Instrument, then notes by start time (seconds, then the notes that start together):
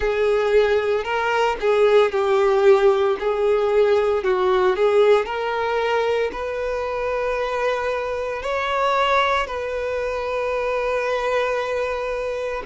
violin
0.00 G#4
1.03 A#4
1.60 G#4
2.11 G4
3.19 G#4
4.23 F#4
4.76 G#4
5.25 A#4
6.32 B4
8.42 C#5
9.46 B4